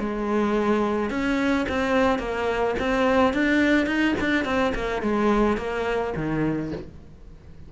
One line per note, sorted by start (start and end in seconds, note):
0.00 1.10 G#3
1.10 1.66 C#4
1.69 2.19 C4
2.19 2.75 A#3
2.80 3.34 C4
3.34 3.87 D4
3.87 4.15 D#4
4.21 4.45 D4
4.45 4.73 C4
4.75 5.02 A#3
5.02 5.58 G#3
5.58 6.14 A#3
6.17 6.73 D#3